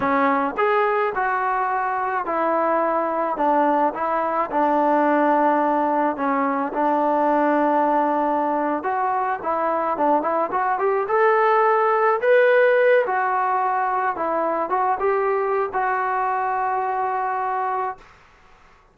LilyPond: \new Staff \with { instrumentName = "trombone" } { \time 4/4 \tempo 4 = 107 cis'4 gis'4 fis'2 | e'2 d'4 e'4 | d'2. cis'4 | d'2.~ d'8. fis'16~ |
fis'8. e'4 d'8 e'8 fis'8 g'8 a'16~ | a'4.~ a'16 b'4. fis'8.~ | fis'4~ fis'16 e'4 fis'8 g'4~ g'16 | fis'1 | }